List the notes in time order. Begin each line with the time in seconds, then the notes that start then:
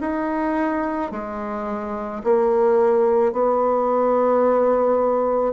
0.00 D#4
1.11 G#3
2.24 A#3
3.32 B3